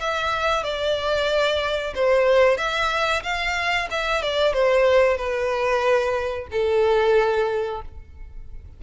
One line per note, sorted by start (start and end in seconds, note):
0.00 0.63 E5
0.63 1.94 D5
1.95 2.57 C5
2.57 3.22 E5
3.23 3.88 F5
3.91 4.22 E5
4.22 4.53 D5
4.53 5.17 C5
5.17 6.47 B4
6.52 7.82 A4